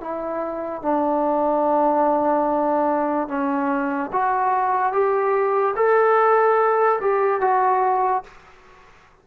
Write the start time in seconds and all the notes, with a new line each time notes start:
0.00 E4
0.82 D4
3.28 C#4
4.12 F#4
4.92 G4
5.76 A4
7.00 G4
7.40 F#4